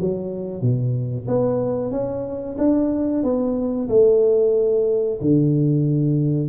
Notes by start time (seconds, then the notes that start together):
0.00 F#3
0.62 B2
1.27 B3
1.91 C#4
2.58 D4
3.23 B3
3.89 A3
5.21 D3